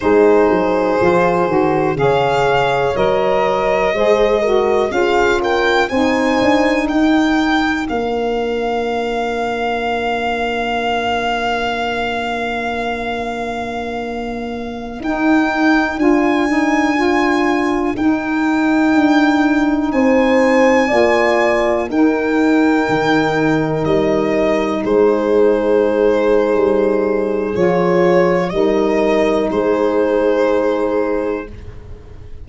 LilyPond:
<<
  \new Staff \with { instrumentName = "violin" } { \time 4/4 \tempo 4 = 61 c''2 f''4 dis''4~ | dis''4 f''8 g''8 gis''4 g''4 | f''1~ | f''2.~ f''16 g''8.~ |
g''16 gis''2 g''4.~ g''16~ | g''16 gis''2 g''4.~ g''16~ | g''16 dis''4 c''2~ c''8. | cis''4 dis''4 c''2 | }
  \new Staff \with { instrumentName = "horn" } { \time 4/4 gis'2 cis''2 | c''8 ais'8 gis'8 ais'8 c''4 ais'4~ | ais'1~ | ais'1~ |
ais'1~ | ais'16 c''4 d''4 ais'4.~ ais'16~ | ais'4~ ais'16 gis'2~ gis'8.~ | gis'4 ais'4 gis'2 | }
  \new Staff \with { instrumentName = "saxophone" } { \time 4/4 dis'4 f'8 fis'8 gis'4 ais'4 | gis'8 fis'8 f'4 dis'2 | d'1~ | d'2.~ d'16 dis'8.~ |
dis'16 f'8 dis'8 f'4 dis'4.~ dis'16~ | dis'4~ dis'16 f'4 dis'4.~ dis'16~ | dis'1 | f'4 dis'2. | }
  \new Staff \with { instrumentName = "tuba" } { \time 4/4 gis8 fis8 f8 dis8 cis4 fis4 | gis4 cis'4 c'8 d'8 dis'4 | ais1~ | ais2.~ ais16 dis'8.~ |
dis'16 d'2 dis'4 d'8.~ | d'16 c'4 ais4 dis'4 dis8.~ | dis16 g4 gis4.~ gis16 g4 | f4 g4 gis2 | }
>>